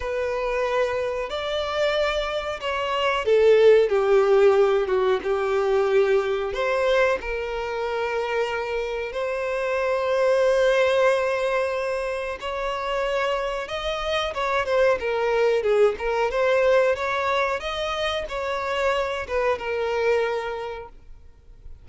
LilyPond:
\new Staff \with { instrumentName = "violin" } { \time 4/4 \tempo 4 = 92 b'2 d''2 | cis''4 a'4 g'4. fis'8 | g'2 c''4 ais'4~ | ais'2 c''2~ |
c''2. cis''4~ | cis''4 dis''4 cis''8 c''8 ais'4 | gis'8 ais'8 c''4 cis''4 dis''4 | cis''4. b'8 ais'2 | }